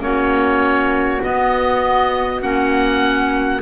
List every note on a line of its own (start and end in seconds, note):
0.00 1.20 A#3
0.00 1.20 C#4
0.00 3.62 F#4
0.00 1.22 C#5
1.21 2.41 B3
1.21 2.42 B3
1.21 2.42 D#5
2.41 3.62 A#3
2.41 3.61 C#4
2.41 3.62 F#5